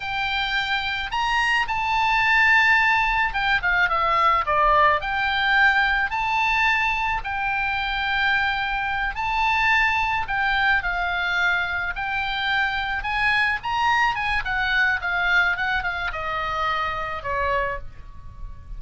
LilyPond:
\new Staff \with { instrumentName = "oboe" } { \time 4/4 \tempo 4 = 108 g''2 ais''4 a''4~ | a''2 g''8 f''8 e''4 | d''4 g''2 a''4~ | a''4 g''2.~ |
g''8 a''2 g''4 f''8~ | f''4. g''2 gis''8~ | gis''8 ais''4 gis''8 fis''4 f''4 | fis''8 f''8 dis''2 cis''4 | }